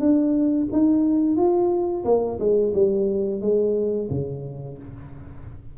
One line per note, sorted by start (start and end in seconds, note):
0.00 0.67 D4
0.72 1.37 D#4
1.37 2.04 F4
2.05 2.39 A#3
2.40 2.73 G#3
2.74 3.41 G3
3.41 4.09 G#3
4.11 4.78 C#3